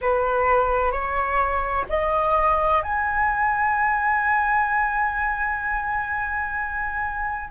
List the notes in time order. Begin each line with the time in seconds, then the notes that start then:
0.01 B4
0.91 C#5
1.89 D#5
2.83 G#5